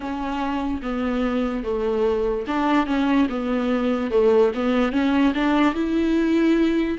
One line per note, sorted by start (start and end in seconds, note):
0.00 0.81 C#4
0.82 1.63 B3
1.63 2.45 A3
2.47 2.86 D4
2.86 3.27 C#4
3.29 4.11 B3
4.11 4.52 A3
4.54 4.92 B3
4.92 5.33 C#4
5.34 5.74 D4
5.74 6.98 E4